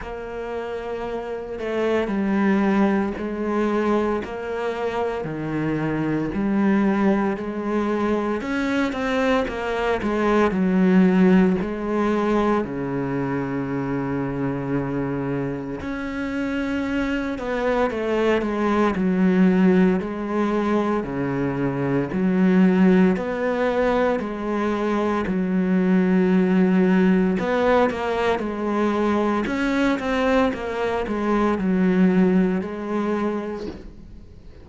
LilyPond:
\new Staff \with { instrumentName = "cello" } { \time 4/4 \tempo 4 = 57 ais4. a8 g4 gis4 | ais4 dis4 g4 gis4 | cis'8 c'8 ais8 gis8 fis4 gis4 | cis2. cis'4~ |
cis'8 b8 a8 gis8 fis4 gis4 | cis4 fis4 b4 gis4 | fis2 b8 ais8 gis4 | cis'8 c'8 ais8 gis8 fis4 gis4 | }